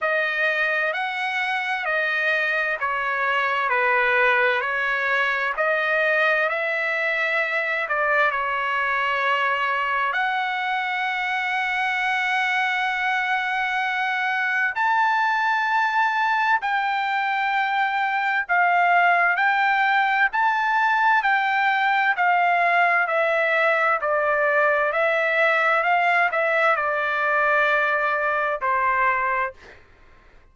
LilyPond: \new Staff \with { instrumentName = "trumpet" } { \time 4/4 \tempo 4 = 65 dis''4 fis''4 dis''4 cis''4 | b'4 cis''4 dis''4 e''4~ | e''8 d''8 cis''2 fis''4~ | fis''1 |
a''2 g''2 | f''4 g''4 a''4 g''4 | f''4 e''4 d''4 e''4 | f''8 e''8 d''2 c''4 | }